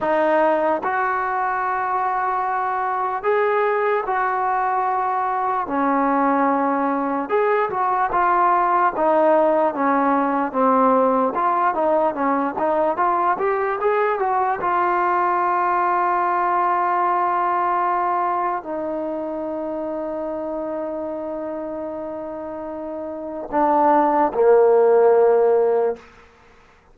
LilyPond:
\new Staff \with { instrumentName = "trombone" } { \time 4/4 \tempo 4 = 74 dis'4 fis'2. | gis'4 fis'2 cis'4~ | cis'4 gis'8 fis'8 f'4 dis'4 | cis'4 c'4 f'8 dis'8 cis'8 dis'8 |
f'8 g'8 gis'8 fis'8 f'2~ | f'2. dis'4~ | dis'1~ | dis'4 d'4 ais2 | }